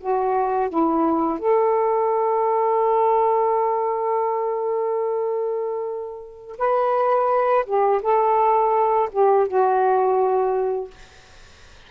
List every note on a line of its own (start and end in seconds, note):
0.00 0.69 F#4
0.69 1.39 E4
1.39 6.57 A4
6.58 7.66 B4
7.66 8.02 G4
8.02 9.09 A4
9.12 9.48 G4
9.48 10.91 F#4